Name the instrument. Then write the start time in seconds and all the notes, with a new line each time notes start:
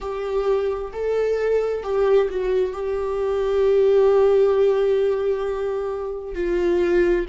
viola
0.00 G4
0.92 A4
1.83 G4
2.29 F#4
2.73 G4
6.34 F4